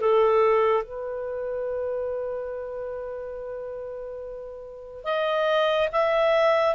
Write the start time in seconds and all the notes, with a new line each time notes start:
0.00 A4
0.83 B4
5.04 D#5
5.92 E5